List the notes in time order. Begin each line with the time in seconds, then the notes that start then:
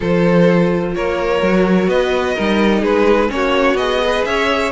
0.00 F3 F4 A4 C5
0.95 A#3 A#4 C#5
1.42 F#3 F#4
1.87 B3 B4 D#5
2.35 G3 D#4 A#4
2.81 G#3 G#4 B4
3.28 A#3 C#4 C#5
3.34 F#4
3.73 B3 G#4 D#5
4.04 B4
4.24 C#4 C#5 E5